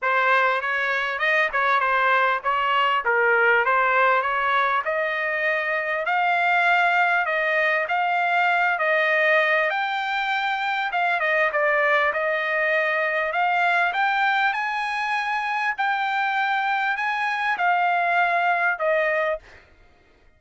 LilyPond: \new Staff \with { instrumentName = "trumpet" } { \time 4/4 \tempo 4 = 99 c''4 cis''4 dis''8 cis''8 c''4 | cis''4 ais'4 c''4 cis''4 | dis''2 f''2 | dis''4 f''4. dis''4. |
g''2 f''8 dis''8 d''4 | dis''2 f''4 g''4 | gis''2 g''2 | gis''4 f''2 dis''4 | }